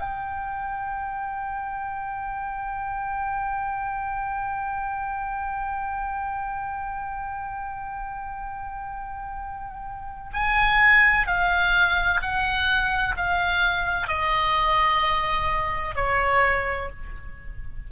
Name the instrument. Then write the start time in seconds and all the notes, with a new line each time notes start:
oboe
0.00 G5
10.33 G#5
11.27 F5
12.21 F#5
13.17 F5
14.08 D#5
15.95 C#5